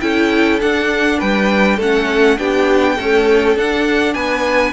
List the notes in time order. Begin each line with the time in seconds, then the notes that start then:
0.00 C#4 E4 A4 G5
0.60 D4 F#5
1.18 G3 B4 G5
1.76 A3 C#4 A4 F#5
2.37 B3 D4 G4 G5
2.95 A3 C#4 A4
3.56 D4 F#5
4.14 B3 B4 G#5